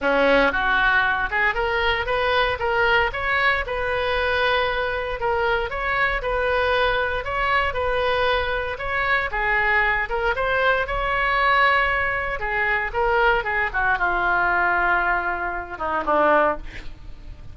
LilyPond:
\new Staff \with { instrumentName = "oboe" } { \time 4/4 \tempo 4 = 116 cis'4 fis'4. gis'8 ais'4 | b'4 ais'4 cis''4 b'4~ | b'2 ais'4 cis''4 | b'2 cis''4 b'4~ |
b'4 cis''4 gis'4. ais'8 | c''4 cis''2. | gis'4 ais'4 gis'8 fis'8 f'4~ | f'2~ f'8 dis'8 d'4 | }